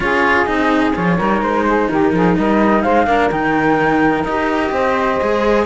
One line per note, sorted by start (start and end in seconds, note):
0.00 0.47 C#4
0.00 0.46 F4
0.00 1.17 G#4
0.00 0.45 C#5
0.45 0.95 C4
0.45 0.93 D#4
0.45 0.92 D#5
0.95 1.20 F3
0.95 1.19 F4
0.95 1.42 C#5
1.17 1.41 G3
1.17 3.07 D#4
1.17 1.65 A#4
1.41 1.88 G#3
1.41 1.89 C5
1.66 1.89 G#4
1.89 2.12 D#3
1.89 2.13 G4
1.89 2.37 A#4
2.12 2.36 F3
2.12 2.37 G#4
2.37 2.84 G3
2.37 2.82 A#4
2.37 2.82 D#5
2.82 3.06 G#3
2.82 3.06 C5
2.82 3.29 F5
3.06 3.30 A#3
3.06 3.30 D4
3.06 4.72 A#4
3.31 4.23 D#3
3.31 4.26 D#4
3.31 4.23 G5
4.23 4.70 D#4
4.23 5.21 G4
4.23 5.65 D#5
4.71 5.19 C4
4.71 5.65 C5
5.21 5.65 G#3
5.21 5.65 G#4